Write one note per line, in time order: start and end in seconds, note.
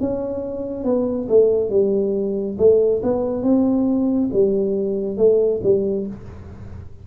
0.00 0.84 C#4
0.84 1.27 B3
1.28 1.70 A3
1.70 2.57 G3
2.58 3.01 A3
3.02 3.42 B3
3.42 4.29 C4
4.32 5.17 G3
5.17 5.60 A3
5.63 6.07 G3